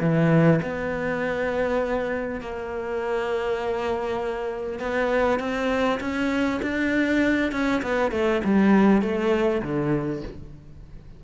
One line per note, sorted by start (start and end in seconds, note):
0.00 0.60 E3
0.62 2.40 B3
2.40 4.79 A#3
4.79 5.39 B3
5.39 5.99 C4
6.00 6.60 C#4
6.62 7.52 D4
7.52 7.82 C#4
7.82 8.11 B3
8.11 8.41 A3
8.44 9.02 G3
9.02 9.62 A3
9.62 10.22 D3